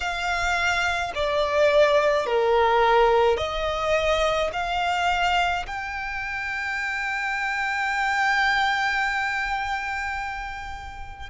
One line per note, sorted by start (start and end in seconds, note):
0.00 1.12 F5
1.14 2.26 D5
2.26 3.37 A#4
3.37 4.50 D#5
4.52 5.66 F5
5.66 11.29 G5